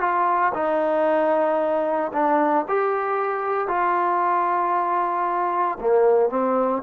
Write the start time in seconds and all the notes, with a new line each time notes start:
0.00 F4
0.54 D#4
2.13 D4
2.68 G4
3.67 F4
5.80 A#3
6.30 C4